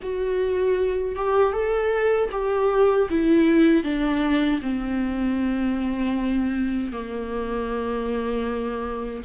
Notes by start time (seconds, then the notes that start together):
0.02 F#4
1.15 G4
1.52 A4
2.31 G4
3.10 E4
3.83 D4
4.62 C4
6.92 A#3